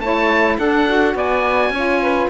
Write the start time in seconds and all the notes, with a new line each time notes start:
0.00 A3 E4 C#5 A5
0.57 D4 A4 F#5
0.87 F#4
1.15 B3 D5 G#5
1.70 C#4 F4 C#5
2.02 B4